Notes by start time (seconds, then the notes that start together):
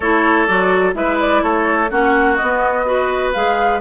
0.00 A3 E4 A4 C#5
0.47 F#3 F#4 D5
0.93 G#3 E4 B4 E5
1.19 D5
1.42 A3 A4 C#5
1.89 A#3 C#4 F#4 F#5
2.36 B3 D#5
2.42 B3
2.85 F#4 B4
3.33 G#3 G#4 F5